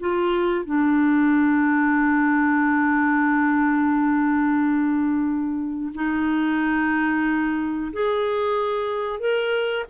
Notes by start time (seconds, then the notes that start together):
0.00 F4
0.65 D4
5.94 D#4
7.93 G#4
9.19 A#4